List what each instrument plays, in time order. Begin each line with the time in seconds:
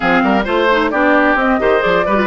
0.00 bassoon F3, clarinet C4, oboe G#4, flute F5
0.23 bassoon G3, oboe A#4
0.44 bassoon A3, clarinet F4, oboe C5, flute C5
0.71 clarinet D#4
0.90 bassoon B3, clarinet D4, oboe G4, flute D5
1.35 bassoon C4, clarinet C4, flute D#5
1.59 bassoon D#3, clarinet G4, oboe C5
1.79 bassoon F3, clarinet G#4, flute D5
2.06 bassoon G3, clarinet G4, oboe B4
2.15 clarinet F4